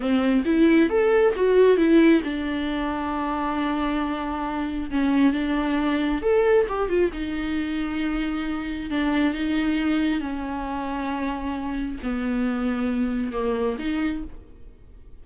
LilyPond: \new Staff \with { instrumentName = "viola" } { \time 4/4 \tempo 4 = 135 c'4 e'4 a'4 fis'4 | e'4 d'2.~ | d'2. cis'4 | d'2 a'4 g'8 f'8 |
dis'1 | d'4 dis'2 cis'4~ | cis'2. b4~ | b2 ais4 dis'4 | }